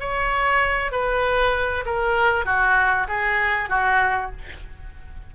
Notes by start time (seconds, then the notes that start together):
0.00 C#5
0.92 B4
1.86 A#4
2.45 F#4
3.08 G#4
3.69 F#4